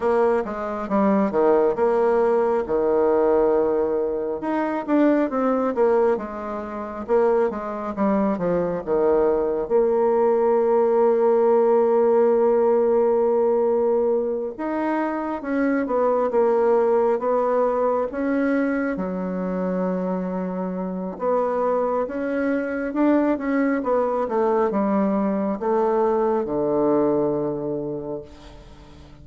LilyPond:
\new Staff \with { instrumentName = "bassoon" } { \time 4/4 \tempo 4 = 68 ais8 gis8 g8 dis8 ais4 dis4~ | dis4 dis'8 d'8 c'8 ais8 gis4 | ais8 gis8 g8 f8 dis4 ais4~ | ais1~ |
ais8 dis'4 cis'8 b8 ais4 b8~ | b8 cis'4 fis2~ fis8 | b4 cis'4 d'8 cis'8 b8 a8 | g4 a4 d2 | }